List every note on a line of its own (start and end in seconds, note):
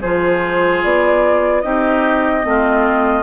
0.00 0.83 F3
0.00 1.63 F4
0.00 1.62 G#4
0.00 0.82 C5
0.83 1.64 B3
0.83 1.61 D5
1.61 2.44 C4
1.61 2.42 D#4
1.61 2.45 G4
1.61 3.22 D#5
2.42 3.22 A3
2.42 3.22 C4
2.48 3.22 F4